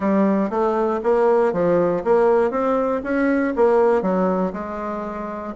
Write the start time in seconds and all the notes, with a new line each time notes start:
0.00 G3
0.50 A3
1.03 A#3
1.52 F3
2.04 A#3
2.50 C4
3.03 C#4
3.56 A#3
4.02 F#3
4.52 G#3